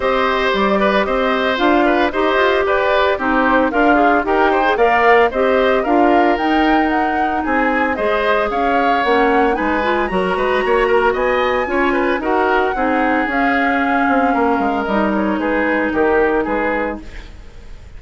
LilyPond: <<
  \new Staff \with { instrumentName = "flute" } { \time 4/4 \tempo 4 = 113 dis''4 d''4 dis''4 f''4 | dis''4 d''4 c''4 f''4 | g''4 f''4 dis''4 f''4 | g''4 fis''4 gis''4 dis''4 |
f''4 fis''4 gis''4 ais''4~ | ais''4 gis''2 fis''4~ | fis''4 f''2. | dis''8 cis''8 b'4 ais'4 b'4 | }
  \new Staff \with { instrumentName = "oboe" } { \time 4/4 c''4. b'8 c''4. b'8 | c''4 b'4 g'4 f'4 | ais'8 c''8 d''4 c''4 ais'4~ | ais'2 gis'4 c''4 |
cis''2 b'4 ais'8 b'8 | cis''8 ais'8 dis''4 cis''8 b'8 ais'4 | gis'2. ais'4~ | ais'4 gis'4 g'4 gis'4 | }
  \new Staff \with { instrumentName = "clarinet" } { \time 4/4 g'2. f'4 | g'2 dis'4 ais'8 gis'8 | g'8. gis'16 ais'4 g'4 f'4 | dis'2. gis'4~ |
gis'4 cis'4 dis'8 f'8 fis'4~ | fis'2 f'4 fis'4 | dis'4 cis'2. | dis'1 | }
  \new Staff \with { instrumentName = "bassoon" } { \time 4/4 c'4 g4 c'4 d'4 | dis'8 f'8 g'4 c'4 d'4 | dis'4 ais4 c'4 d'4 | dis'2 c'4 gis4 |
cis'4 ais4 gis4 fis8 gis8 | ais4 b4 cis'4 dis'4 | c'4 cis'4. c'8 ais8 gis8 | g4 gis4 dis4 gis4 | }
>>